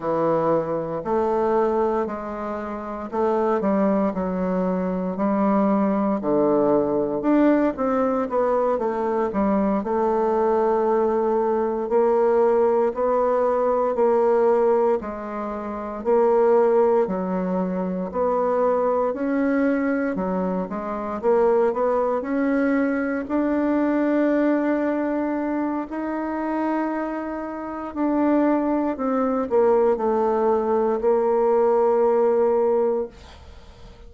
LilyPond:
\new Staff \with { instrumentName = "bassoon" } { \time 4/4 \tempo 4 = 58 e4 a4 gis4 a8 g8 | fis4 g4 d4 d'8 c'8 | b8 a8 g8 a2 ais8~ | ais8 b4 ais4 gis4 ais8~ |
ais8 fis4 b4 cis'4 fis8 | gis8 ais8 b8 cis'4 d'4.~ | d'4 dis'2 d'4 | c'8 ais8 a4 ais2 | }